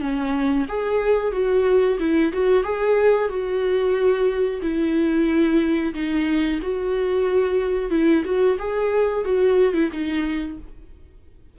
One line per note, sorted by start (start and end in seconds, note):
0.00 0.66 C#4
0.68 1.32 G#4
1.32 1.98 F#4
1.99 2.32 E4
2.33 2.63 F#4
2.63 3.29 G#4
3.29 4.61 F#4
4.62 5.94 E4
5.94 6.60 D#4
6.62 7.90 F#4
7.90 8.23 E4
8.24 8.57 F#4
8.59 9.25 G#4
9.25 9.74 F#4
9.74 9.90 E4
9.92 10.58 D#4